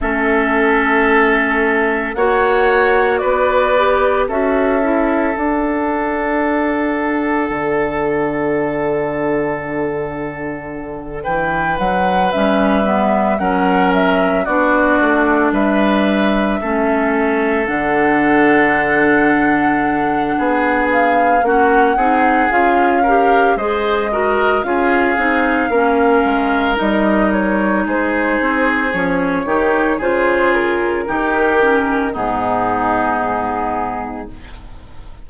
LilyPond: <<
  \new Staff \with { instrumentName = "flute" } { \time 4/4 \tempo 4 = 56 e''2 fis''4 d''4 | e''4 fis''2.~ | fis''2~ fis''8 g''8 fis''8 e''8~ | e''8 fis''8 e''8 d''4 e''4.~ |
e''8 fis''2. f''8 | fis''4 f''4 dis''4 f''4~ | f''4 dis''8 cis''8 c''4 cis''4 | c''8 ais'4. gis'2 | }
  \new Staff \with { instrumentName = "oboe" } { \time 4/4 a'2 cis''4 b'4 | a'1~ | a'2~ a'8 b'4.~ | b'8 ais'4 fis'4 b'4 a'8~ |
a'2. gis'4 | fis'8 gis'4 ais'8 c''8 ais'8 gis'4 | ais'2 gis'4. g'8 | gis'4 g'4 dis'2 | }
  \new Staff \with { instrumentName = "clarinet" } { \time 4/4 cis'2 fis'4. g'8 | fis'8 e'8 d'2.~ | d'2.~ d'8 cis'8 | b8 cis'4 d'2 cis'8~ |
cis'8 d'2.~ d'8 | cis'8 dis'8 f'8 g'8 gis'8 fis'8 f'8 dis'8 | cis'4 dis'2 cis'8 dis'8 | f'4 dis'8 cis'8 b2 | }
  \new Staff \with { instrumentName = "bassoon" } { \time 4/4 a2 ais4 b4 | cis'4 d'2 d4~ | d2~ d8 e8 fis8 g8~ | g8 fis4 b8 a8 g4 a8~ |
a8 d2~ d8 b4 | ais8 c'8 cis'4 gis4 cis'8 c'8 | ais8 gis8 g4 gis8 c'8 f8 dis8 | cis4 dis4 gis,2 | }
>>